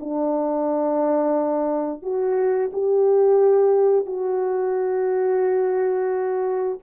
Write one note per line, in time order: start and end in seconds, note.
0.00 2.03 D4
2.03 2.71 F#4
2.73 4.06 G4
4.06 6.79 F#4